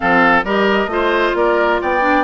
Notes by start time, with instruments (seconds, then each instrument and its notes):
0.00 bassoon F3, clarinet C4, oboe A4, flute F5
0.44 bassoon G3, clarinet G4, oboe A#4, flute D#5
0.86 bassoon A3, clarinet F4
0.92 oboe C5
1.34 bassoon A#3, oboe A#4, flute D5
1.81 bassoon B3, oboe D5, flute G5
2.01 clarinet D4